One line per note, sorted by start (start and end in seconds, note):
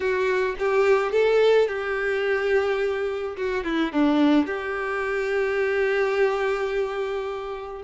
0.00 0.55 F#4
0.58 1.11 G4
1.11 1.67 A4
1.68 3.36 G4
3.36 3.64 F#4
3.64 3.92 E4
3.92 4.46 D4
4.46 7.82 G4